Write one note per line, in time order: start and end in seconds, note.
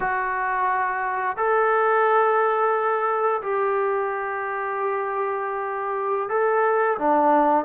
0.00 1.36 F#4
1.36 3.41 A4
3.42 6.29 G4
6.29 6.97 A4
6.98 7.65 D4